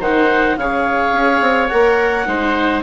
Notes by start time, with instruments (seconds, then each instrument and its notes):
0.00 bassoon D#3, viola D#4, oboe C5, clarinet F#5
0.57 bassoon C#3, viola G#4, oboe C#5, clarinet F5
1.13 bassoon C#4
1.41 bassoon C4
1.68 bassoon A#3, viola A#4, clarinet F#5
2.27 bassoon G#3, viola D#4, oboe C5